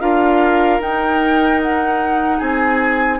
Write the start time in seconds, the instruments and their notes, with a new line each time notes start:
0.00 bassoon D4, clarinet F4, oboe A#4, flute F5
0.79 bassoon D#4, clarinet D#4, flute G5
1.62 flute F#5
2.38 bassoon C4, oboe G#4, flute G#5